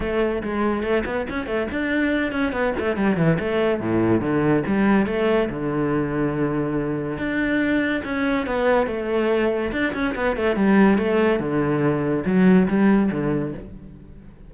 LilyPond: \new Staff \with { instrumentName = "cello" } { \time 4/4 \tempo 4 = 142 a4 gis4 a8 b8 cis'8 a8 | d'4. cis'8 b8 a8 g8 e8 | a4 a,4 d4 g4 | a4 d2.~ |
d4 d'2 cis'4 | b4 a2 d'8 cis'8 | b8 a8 g4 a4 d4~ | d4 fis4 g4 d4 | }